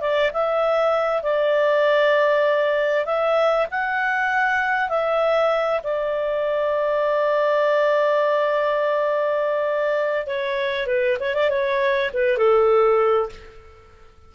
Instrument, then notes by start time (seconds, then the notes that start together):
clarinet
0.00 D5
0.33 E5
1.22 D5
3.05 E5
3.70 F#5
4.88 E5
5.83 D5
10.26 C#5
10.86 B4
11.20 C#5
11.34 D5
11.49 C#5
12.13 B4
12.37 A4